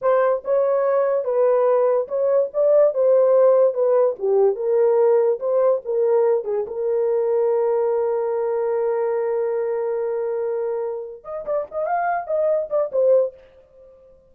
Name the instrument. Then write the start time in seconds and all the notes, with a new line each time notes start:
horn
0.01 C5
0.44 C#5
1.24 B4
2.07 C#5
2.53 D5
2.93 C5
3.73 B4
4.18 G4
4.55 A#4
5.39 C5
5.84 A#4
6.44 G#4
6.67 A#4
11.24 D#5
11.45 D5
11.71 D#5
11.86 F5
12.27 D#5
12.70 D5
12.92 C5